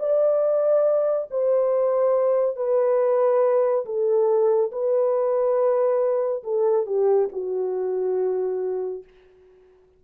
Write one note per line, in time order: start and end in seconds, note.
0.00 1.29 D5
1.31 2.57 C5
2.57 3.85 B4
3.86 4.72 A4
4.72 6.44 B4
6.44 6.86 A4
6.87 7.30 G4
7.33 9.04 F#4